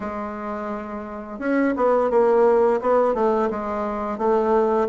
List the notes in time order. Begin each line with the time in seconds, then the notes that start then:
0.00 G#3
1.39 C#4
1.76 B3
2.10 A#3
2.81 B3
3.14 A3
3.50 G#3
4.17 A3